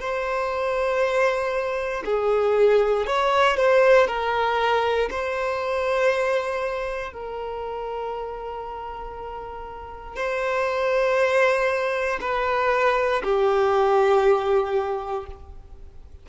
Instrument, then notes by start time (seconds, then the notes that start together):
violin
0.00 C5
2.05 G#4
3.06 C#5
3.57 C5
4.08 A#4
5.10 C5
7.13 A#4
10.16 C5
12.21 B4
13.23 G4